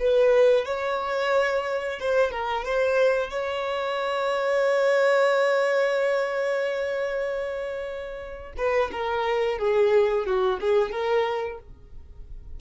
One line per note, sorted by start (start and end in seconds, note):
0.00 0.66 B4
0.66 2.00 C#5
2.00 2.32 C5
2.32 2.65 A#4
2.65 3.31 C5
3.31 8.53 C#5
8.57 8.91 B4
8.92 9.59 A#4
9.59 10.26 G#4
10.26 10.60 F#4
10.61 10.92 G#4
10.92 11.59 A#4